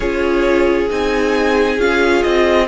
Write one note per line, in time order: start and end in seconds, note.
0.00 0.89 C#4
0.00 0.89 F4
0.00 2.67 G#4
0.00 0.88 C#5
0.89 1.78 C4
0.89 1.78 D#4
0.89 1.80 G#5
1.78 2.23 C#4
1.78 2.68 F4
1.78 2.22 F5
2.22 2.68 C4
2.22 2.67 D#5